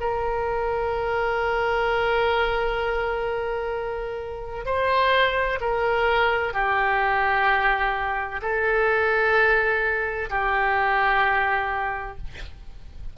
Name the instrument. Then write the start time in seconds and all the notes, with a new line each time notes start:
oboe
0.00 A#4
4.65 C5
5.61 A#4
6.54 G4
8.42 A4
10.30 G4